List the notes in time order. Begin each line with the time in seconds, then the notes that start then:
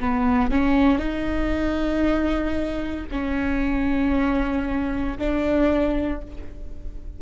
0.00 B3
0.51 C#4
0.99 D#4
3.11 C#4
5.19 D4